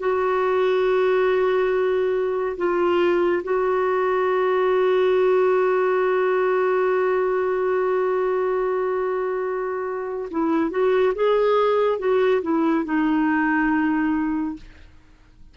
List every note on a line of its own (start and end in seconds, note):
0.00 2.57 F#4
2.58 3.43 F4
3.44 10.30 F#4
10.31 10.71 E4
10.71 11.14 F#4
11.15 11.99 G#4
11.99 12.42 F#4
12.42 12.85 E4
12.85 14.57 D#4